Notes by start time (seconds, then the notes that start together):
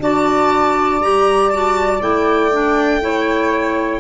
0.00 D4 F#4 D5 A5
1.00 G3 G4 A#5
1.51 F#4 A5
2.01 A3 E4 G5
2.52 D4
3.02 E4 C#5